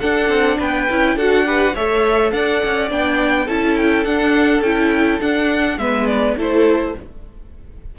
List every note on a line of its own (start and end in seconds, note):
0.00 0.89 D4
0.00 0.29 D4
0.00 0.58 A4
0.00 0.58 F#5
0.29 0.58 C4
0.59 0.89 B3
0.59 1.16 B4
0.59 1.18 G5
0.90 1.16 C#4
0.90 1.19 E4
1.16 1.74 D4
1.16 1.45 F#4
1.16 1.45 A4
1.16 1.76 F#5
1.45 1.74 G4
1.45 1.75 B4
1.75 2.32 A3
1.75 2.89 A4
1.75 2.32 C#5
1.75 2.32 E5
2.32 2.61 D4
2.32 3.46 D5
2.32 2.90 F#5
2.65 2.91 C#4
2.89 3.48 B3
2.89 3.47 D4
2.89 3.49 G5
3.46 4.06 C#4
3.46 4.06 E4
3.46 5.76 A4
3.46 3.77 A5
3.78 4.05 G5
4.05 4.62 D4
4.05 4.64 D4
4.05 4.62 F#5
4.62 5.19 C#4
4.62 5.21 E4
4.62 5.20 G5
5.21 5.78 D4
5.21 5.78 F#5
5.78 6.36 G#3
5.78 6.38 B3
5.78 6.38 B4
5.78 6.07 E5
6.07 6.36 D5
6.37 6.95 A3
6.37 6.95 E4
6.37 6.96 A4
6.37 6.99 C5